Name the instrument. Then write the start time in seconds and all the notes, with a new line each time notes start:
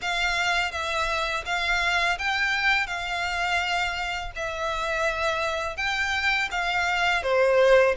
violin
0.01 F5
0.71 E5
1.45 F5
2.18 G5
2.87 F5
4.35 E5
5.76 G5
6.51 F5
7.22 C5